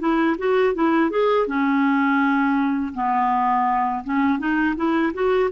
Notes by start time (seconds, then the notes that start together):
0.00 E4
0.38 F#4
0.75 E4
1.10 G#4
1.47 C#4
2.94 B3
4.04 C#4
4.39 D#4
4.76 E4
5.14 F#4